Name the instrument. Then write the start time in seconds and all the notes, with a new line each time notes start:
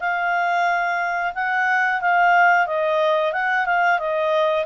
clarinet
0.00 F5
1.35 F#5
2.02 F5
2.67 D#5
3.33 F#5
3.66 F5
3.99 D#5